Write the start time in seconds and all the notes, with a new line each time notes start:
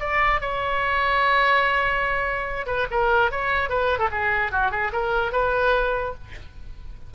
0.00 D5
0.41 C#5
2.67 B4
2.91 A#4
3.32 C#5
3.69 B4
3.99 A4
4.12 G#4
4.52 F#4
4.71 G#4
4.93 A#4
5.32 B4